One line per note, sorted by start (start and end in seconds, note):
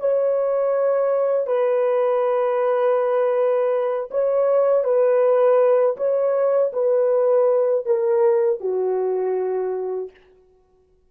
0.00 1.47 C#5
1.47 4.09 B4
4.11 4.84 C#5
4.84 5.96 B4
5.97 6.72 C#5
6.73 7.85 B4
7.86 8.60 A#4
8.60 10.10 F#4